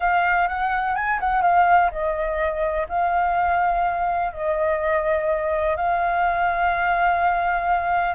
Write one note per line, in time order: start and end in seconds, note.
0.00 0.48 F5
0.48 0.95 F#5
0.95 1.19 G#5
1.20 1.42 F#5
1.42 1.90 F5
1.91 2.87 D#5
2.88 4.32 F5
4.32 5.76 D#5
5.76 8.14 F5